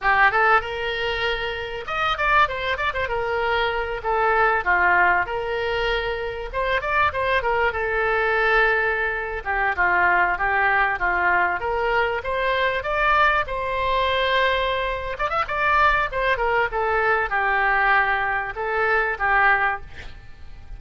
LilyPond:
\new Staff \with { instrumentName = "oboe" } { \time 4/4 \tempo 4 = 97 g'8 a'8 ais'2 dis''8 d''8 | c''8 d''16 c''16 ais'4. a'4 f'8~ | f'8 ais'2 c''8 d''8 c''8 | ais'8 a'2~ a'8. g'8 f'16~ |
f'8. g'4 f'4 ais'4 c''16~ | c''8. d''4 c''2~ c''16~ | c''8 d''16 e''16 d''4 c''8 ais'8 a'4 | g'2 a'4 g'4 | }